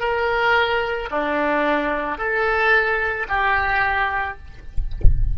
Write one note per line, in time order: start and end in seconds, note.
0.00 1.09 A#4
1.11 2.18 D4
2.18 3.27 A4
3.29 4.38 G4